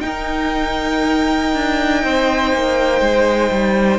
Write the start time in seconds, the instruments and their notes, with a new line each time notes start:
0.00 viola D#4, cello D#4, violin A#4 G5
1.53 cello D4
2.03 cello C4, violin C5
2.53 cello A#3
3.01 cello G#3
3.51 cello G3